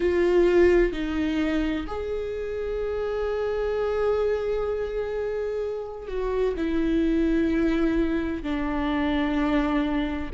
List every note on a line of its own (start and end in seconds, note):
0.00 0.92 F4
0.92 1.86 D#4
1.87 6.07 G#4
6.07 6.54 F#4
6.56 8.42 E4
8.42 10.30 D4